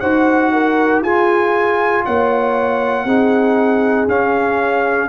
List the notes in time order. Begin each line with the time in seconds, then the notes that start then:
0.00 D#4 F#4 C5 F#5
0.53 A#4
1.02 F4 G#4 G#5
2.06 A#3 C#5 F#5
3.05 C4 D#4 G#4
4.08 C#4 F5